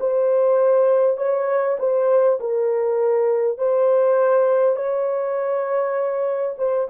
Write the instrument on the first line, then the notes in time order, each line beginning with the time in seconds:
horn
0.00 C5
1.17 C#5
1.79 C5
2.40 A#4
3.58 C5
4.76 C#5
6.58 C5